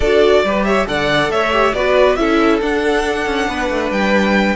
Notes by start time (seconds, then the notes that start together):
0.00 D4 F#4 A4 D5
0.43 G3 G4 B4
0.64 C#5 E5
0.86 D3 A4 D5 F#5
1.29 A3 C#5 E5
1.52 G4
1.73 B3 F#4 B4 D5
2.15 C#4 E4 A4 E5
2.62 D4 F#5
3.26 C#4
3.47 B3 B4
3.69 A3
3.90 G3 G5